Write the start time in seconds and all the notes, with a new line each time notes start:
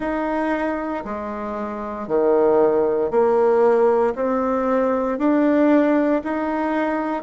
0.00 D#4
1.04 G#3
2.07 D#3
3.10 A#3
4.15 C4
5.18 D4
6.24 D#4